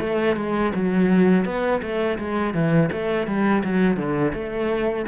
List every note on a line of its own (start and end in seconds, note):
0.00 0.36 A3
0.36 0.73 G#3
0.75 1.45 F#3
1.45 1.81 B3
1.82 2.19 A3
2.19 2.54 G#3
2.54 2.90 E3
2.92 3.27 A3
3.27 3.63 G3
3.64 3.97 F#3
3.97 4.33 D3
4.34 5.06 A3